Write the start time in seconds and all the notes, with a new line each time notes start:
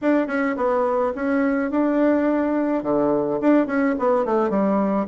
0.01 D4
0.27 C#4
0.56 B3
1.15 C#4
1.70 D4
2.83 D3
3.40 D4
3.66 C#4
3.98 B3
4.25 A3
4.49 G3